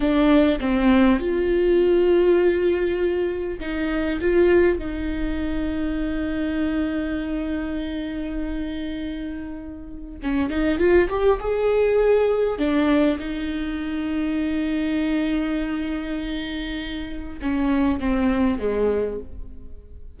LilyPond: \new Staff \with { instrumentName = "viola" } { \time 4/4 \tempo 4 = 100 d'4 c'4 f'2~ | f'2 dis'4 f'4 | dis'1~ | dis'1~ |
dis'4 cis'8 dis'8 f'8 g'8 gis'4~ | gis'4 d'4 dis'2~ | dis'1~ | dis'4 cis'4 c'4 gis4 | }